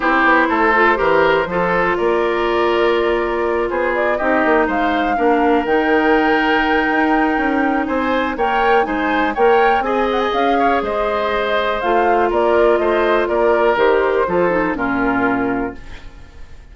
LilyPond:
<<
  \new Staff \with { instrumentName = "flute" } { \time 4/4 \tempo 4 = 122 c''1 | d''2.~ d''8 c''8 | d''8 dis''4 f''2 g''8~ | g''1 |
gis''4 g''4 gis''4 g''4 | gis''8 fis''16 gis''16 f''4 dis''2 | f''4 d''4 dis''4 d''4 | c''2 ais'2 | }
  \new Staff \with { instrumentName = "oboe" } { \time 4/4 g'4 a'4 ais'4 a'4 | ais'2.~ ais'8 gis'8~ | gis'8 g'4 c''4 ais'4.~ | ais'1 |
c''4 cis''4 c''4 cis''4 | dis''4. cis''8 c''2~ | c''4 ais'4 c''4 ais'4~ | ais'4 a'4 f'2 | }
  \new Staff \with { instrumentName = "clarinet" } { \time 4/4 e'4. f'8 g'4 f'4~ | f'1~ | f'8 dis'2 d'4 dis'8~ | dis'1~ |
dis'4 ais'4 dis'4 ais'4 | gis'1 | f'1 | g'4 f'8 dis'8 cis'2 | }
  \new Staff \with { instrumentName = "bassoon" } { \time 4/4 c'8 b8 a4 e4 f4 | ais2.~ ais8 b8~ | b8 c'8 ais8 gis4 ais4 dis8~ | dis2 dis'4 cis'4 |
c'4 ais4 gis4 ais4 | c'4 cis'4 gis2 | a4 ais4 a4 ais4 | dis4 f4 ais,2 | }
>>